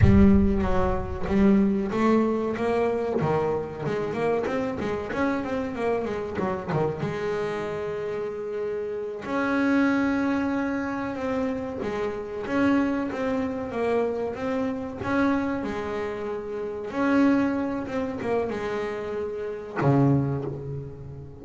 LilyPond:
\new Staff \with { instrumentName = "double bass" } { \time 4/4 \tempo 4 = 94 g4 fis4 g4 a4 | ais4 dis4 gis8 ais8 c'8 gis8 | cis'8 c'8 ais8 gis8 fis8 dis8 gis4~ | gis2~ gis8 cis'4.~ |
cis'4. c'4 gis4 cis'8~ | cis'8 c'4 ais4 c'4 cis'8~ | cis'8 gis2 cis'4. | c'8 ais8 gis2 cis4 | }